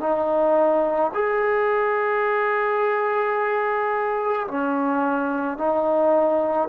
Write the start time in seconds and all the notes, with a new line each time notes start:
0.00 D#4
1.14 G#4
4.47 C#4
5.58 D#4